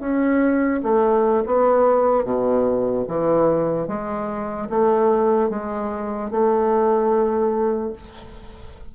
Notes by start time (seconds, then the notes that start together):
0.00 C#4
0.83 A3
1.46 B3
2.24 B2
3.08 E3
3.88 G#3
4.70 A3
5.50 G#3
6.31 A3